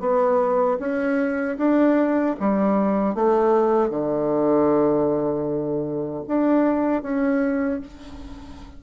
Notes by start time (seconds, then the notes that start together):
0.00 B3
0.79 C#4
1.58 D4
2.40 G3
3.15 A3
3.90 D3
6.28 D4
7.02 C#4